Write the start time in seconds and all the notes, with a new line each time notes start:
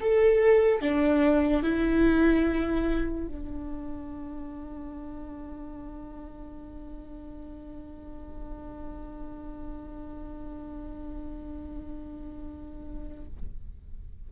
0.00 A4
0.81 D4
1.62 E4
3.27 D4